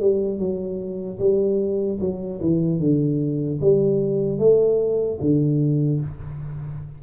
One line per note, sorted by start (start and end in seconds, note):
0.00 0.39 G3
0.39 1.19 F#3
1.19 1.99 G3
2.00 2.40 F#3
2.41 2.79 E3
2.79 3.59 D3
3.61 4.39 G3
4.39 5.19 A3
5.21 6.01 D3